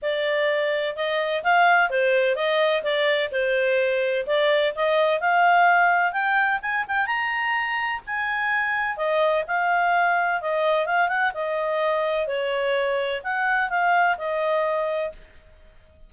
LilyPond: \new Staff \with { instrumentName = "clarinet" } { \time 4/4 \tempo 4 = 127 d''2 dis''4 f''4 | c''4 dis''4 d''4 c''4~ | c''4 d''4 dis''4 f''4~ | f''4 g''4 gis''8 g''8 ais''4~ |
ais''4 gis''2 dis''4 | f''2 dis''4 f''8 fis''8 | dis''2 cis''2 | fis''4 f''4 dis''2 | }